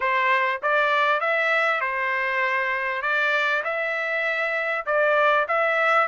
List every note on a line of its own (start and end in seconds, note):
0.00 0.61 C5
0.62 1.20 D5
1.20 1.80 E5
1.80 3.02 C5
3.02 3.62 D5
3.64 4.85 E5
4.86 5.46 D5
5.48 6.07 E5